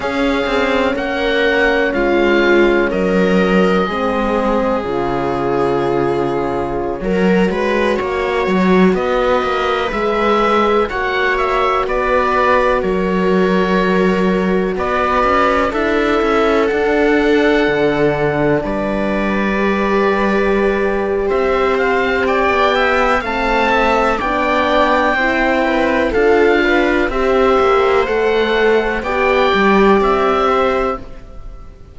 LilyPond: <<
  \new Staff \with { instrumentName = "oboe" } { \time 4/4 \tempo 4 = 62 f''4 fis''4 f''4 dis''4~ | dis''4 cis''2.~ | cis''4~ cis''16 dis''4 e''4 fis''8 e''16~ | e''16 d''4 cis''2 d''8.~ |
d''16 e''4 fis''2 d''8.~ | d''2 e''8 f''8 g''4 | a''4 g''2 f''4 | e''4 fis''4 g''4 e''4 | }
  \new Staff \with { instrumentName = "viola" } { \time 4/4 gis'4 ais'4 f'4 ais'4 | gis'2.~ gis'16 ais'8 b'16~ | b'16 cis''4 b'2 cis''8.~ | cis''16 b'4 ais'2 b'8.~ |
b'16 a'2. b'8.~ | b'2 c''4 d''8 e''8 | f''8 e''8 d''4 c''8 b'8 a'8 b'8 | c''2 d''4. c''8 | }
  \new Staff \with { instrumentName = "horn" } { \time 4/4 cis'1 | c'4 f'2~ f'16 fis'8.~ | fis'2~ fis'16 gis'4 fis'8.~ | fis'1~ |
fis'16 e'4 d'2~ d'8.~ | d'16 g'2.~ g'8. | c'4 d'4 e'4 f'4 | g'4 a'4 g'2 | }
  \new Staff \with { instrumentName = "cello" } { \time 4/4 cis'8 c'8 ais4 gis4 fis4 | gis4 cis2~ cis16 fis8 gis16~ | gis16 ais8 fis8 b8 ais8 gis4 ais8.~ | ais16 b4 fis2 b8 cis'16~ |
cis'16 d'8 cis'8 d'4 d4 g8.~ | g2 c'4~ c'16 b8. | a4 b4 c'4 d'4 | c'8 ais8 a4 b8 g8 c'4 | }
>>